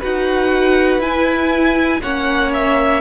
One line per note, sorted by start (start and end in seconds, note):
0.00 0.99 D#4
0.00 1.01 F#4
0.00 2.00 B4
0.00 1.02 F#5
0.99 1.99 E4
0.99 2.01 E4
0.99 2.02 G#5
2.03 3.02 A#3
2.03 3.02 C#4
2.03 3.02 C#5
2.03 2.53 F#5
2.54 3.02 E5